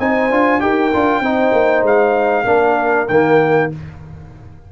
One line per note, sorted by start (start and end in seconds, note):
0.00 0.31 C4
0.00 0.31 D#4
0.00 0.63 C5
0.00 0.61 G#5
0.31 0.62 D4
0.31 0.60 F4
0.60 0.93 D#4
0.60 0.91 G4
0.60 1.22 A#4
0.60 1.85 G5
0.94 1.21 D4
0.94 1.23 F4
1.21 1.52 C4
1.21 2.45 D#4
1.21 2.46 C5
1.53 1.83 A#3
1.83 2.45 G#3
1.83 3.09 F5
2.45 3.07 A#3
2.45 3.07 D4
2.45 3.72 A#4
3.09 3.71 D#3
3.09 3.73 A#3
3.09 3.70 G5